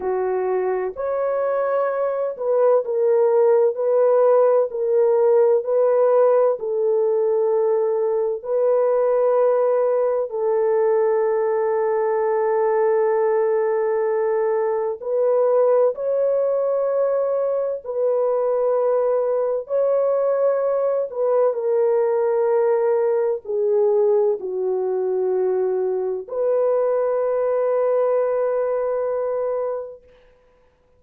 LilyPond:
\new Staff \with { instrumentName = "horn" } { \time 4/4 \tempo 4 = 64 fis'4 cis''4. b'8 ais'4 | b'4 ais'4 b'4 a'4~ | a'4 b'2 a'4~ | a'1 |
b'4 cis''2 b'4~ | b'4 cis''4. b'8 ais'4~ | ais'4 gis'4 fis'2 | b'1 | }